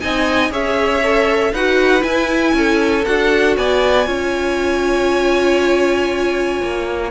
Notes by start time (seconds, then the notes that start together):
0.00 C4 D#4 D#5 G#5
0.51 C#4 G#4 C#5 E5
1.03 A4
1.52 D#4 F#4 B4 F#5
2.00 E4 G#5
2.53 C#4 A4
3.05 D4 F#4 F#5
3.57 B3 D5 G#5
4.05 C#4 F4 C#5
6.62 A#3